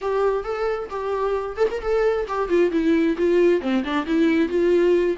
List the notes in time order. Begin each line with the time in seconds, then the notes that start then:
0.01 G4
0.43 A4
0.90 G4
1.56 A4
1.70 A#4
1.81 A4
2.28 G4
2.49 F4
2.71 E4
3.17 F4
3.61 C4
3.84 D4
4.06 E4
4.48 F4